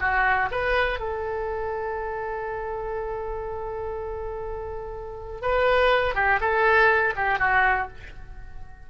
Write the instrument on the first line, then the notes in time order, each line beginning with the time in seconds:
oboe
0.00 F#4
0.51 B4
0.99 A4
5.42 B4
6.15 G4
6.40 A4
7.16 G4
7.39 F#4